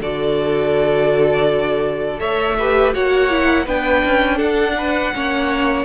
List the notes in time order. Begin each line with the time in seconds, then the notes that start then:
0.00 D3 F#4 A4 D5
2.17 A3 A4 C#5 E5
2.59 G4 B4
2.93 A#3 F#4 C#5 F#5
3.30 E4
3.64 B3 D4 B4 G5
4.05 C#4
4.36 D4 A4 F#5
4.77 B4
5.13 A#3 C#4 C#5